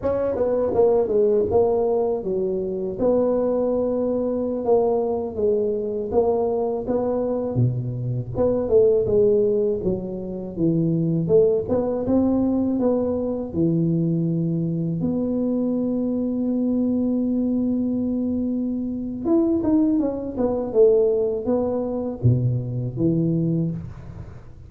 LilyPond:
\new Staff \with { instrumentName = "tuba" } { \time 4/4 \tempo 4 = 81 cis'8 b8 ais8 gis8 ais4 fis4 | b2~ b16 ais4 gis8.~ | gis16 ais4 b4 b,4 b8 a16~ | a16 gis4 fis4 e4 a8 b16~ |
b16 c'4 b4 e4.~ e16~ | e16 b2.~ b8.~ | b2 e'8 dis'8 cis'8 b8 | a4 b4 b,4 e4 | }